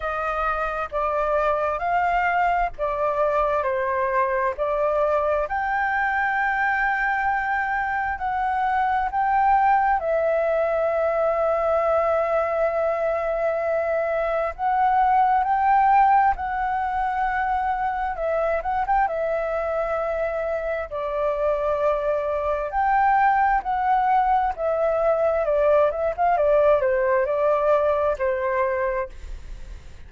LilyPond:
\new Staff \with { instrumentName = "flute" } { \time 4/4 \tempo 4 = 66 dis''4 d''4 f''4 d''4 | c''4 d''4 g''2~ | g''4 fis''4 g''4 e''4~ | e''1 |
fis''4 g''4 fis''2 | e''8 fis''16 g''16 e''2 d''4~ | d''4 g''4 fis''4 e''4 | d''8 e''16 f''16 d''8 c''8 d''4 c''4 | }